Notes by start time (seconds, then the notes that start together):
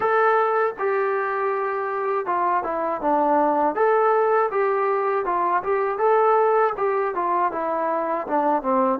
0.00 A4
0.79 G4
2.26 F4
2.63 E4
3.01 D4
3.75 A4
4.51 G4
5.25 F4
5.63 G4
5.98 A4
6.77 G4
7.15 F4
7.51 E4
8.27 D4
8.62 C4